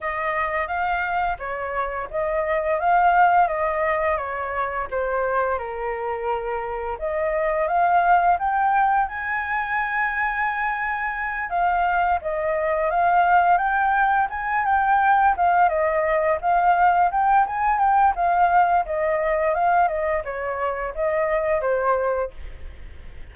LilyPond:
\new Staff \with { instrumentName = "flute" } { \time 4/4 \tempo 4 = 86 dis''4 f''4 cis''4 dis''4 | f''4 dis''4 cis''4 c''4 | ais'2 dis''4 f''4 | g''4 gis''2.~ |
gis''8 f''4 dis''4 f''4 g''8~ | g''8 gis''8 g''4 f''8 dis''4 f''8~ | f''8 g''8 gis''8 g''8 f''4 dis''4 | f''8 dis''8 cis''4 dis''4 c''4 | }